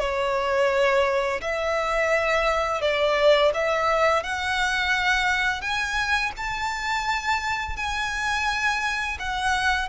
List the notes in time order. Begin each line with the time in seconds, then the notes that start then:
0.00 C#5
1.42 E5
2.81 D5
3.54 E5
4.24 F#5
5.61 G#5
6.37 A5
7.77 G#5
9.20 F#5